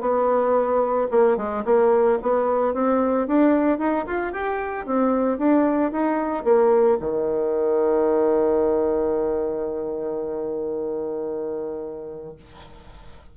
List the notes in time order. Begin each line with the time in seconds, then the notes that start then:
0.00 B3
1.11 A#3
1.37 G#3
1.65 A#3
2.22 B3
2.73 C4
3.27 D4
3.78 D#4
4.06 F4
4.32 G4
4.86 C4
5.38 D4
5.91 D#4
6.44 A#3
7.00 D#3